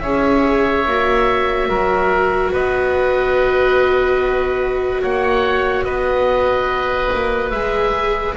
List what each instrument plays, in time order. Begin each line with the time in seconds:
0.00 double bass C#4, viola G#4, oboe C#5 E5
0.86 double bass A#3, viola F#4
1.68 double bass F#3, oboe A#4
2.52 double bass B3, oboe B4 D#5
5.02 double bass A#3, oboe C#5 F#5
5.84 double bass B3, oboe B4 D#5
7.14 double bass A#3
7.50 double bass G#3, viola G#4, oboe E5